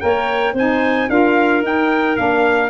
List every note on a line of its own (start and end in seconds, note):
0.00 0.53 A#3
0.00 0.54 A#4
0.00 0.54 C#5
0.00 0.54 G5
0.53 1.07 C4
0.53 1.08 D#4
0.53 1.08 C5
0.53 1.09 G#5
1.08 1.62 D4
1.08 1.62 F4
1.08 2.70 A#4
1.08 1.63 F5
1.62 2.16 D#4
1.62 2.17 D#4
1.62 2.16 G5
2.16 2.70 A#3
2.16 2.70 D4
2.16 2.70 F5